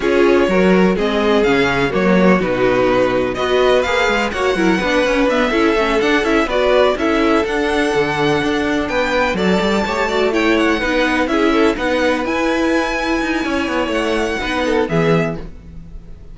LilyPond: <<
  \new Staff \with { instrumentName = "violin" } { \time 4/4 \tempo 4 = 125 cis''2 dis''4 f''4 | cis''4 b'2 dis''4 | f''4 fis''2 e''4~ | e''8 fis''8 e''8 d''4 e''4 fis''8~ |
fis''2~ fis''8 g''4 a''8~ | a''4. g''8 fis''4. e''8~ | e''8 fis''4 gis''2~ gis''8~ | gis''4 fis''2 e''4 | }
  \new Staff \with { instrumentName = "violin" } { \time 4/4 gis'4 ais'4 gis'2 | fis'2. b'4~ | b'4 cis''8 ais'8 b'4. a'8~ | a'4. b'4 a'4.~ |
a'2~ a'8 b'4 d''8~ | d''8 cis''8 d''8 cis''4 b'4 gis'8 | a'8 b'2.~ b'8 | cis''2 b'8 a'8 gis'4 | }
  \new Staff \with { instrumentName = "viola" } { \time 4/4 f'4 fis'4 c'4 cis'4 | ais4 dis'2 fis'4 | gis'4 fis'8 e'8 d'8 cis'8 b8 e'8 | cis'8 d'8 e'8 fis'4 e'4 d'8~ |
d'2.~ d'8 a'8~ | a'8 g'8 fis'8 e'4 dis'4 e'8~ | e'8 dis'4 e'2~ e'8~ | e'2 dis'4 b4 | }
  \new Staff \with { instrumentName = "cello" } { \time 4/4 cis'4 fis4 gis4 cis4 | fis4 b,2 b4 | ais8 gis8 ais8 fis8 b8 cis'8 d'8 cis'8 | a8 d'8 cis'8 b4 cis'4 d'8~ |
d'8 d4 d'4 b4 fis8 | g8 a2 b4 cis'8~ | cis'8 b4 e'2 dis'8 | cis'8 b8 a4 b4 e4 | }
>>